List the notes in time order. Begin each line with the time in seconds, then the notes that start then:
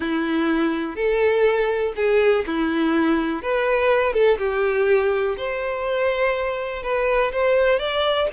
0.00 E4
0.95 A4
1.95 G#4
2.46 E4
3.42 B4
4.13 A4
4.38 G4
5.37 C5
6.82 B4
7.31 C5
7.79 D5